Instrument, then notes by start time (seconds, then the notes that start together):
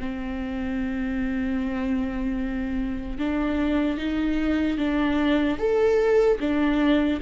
viola
0.00 C4
3.19 D4
3.98 D#4
4.78 D4
5.59 A4
6.41 D4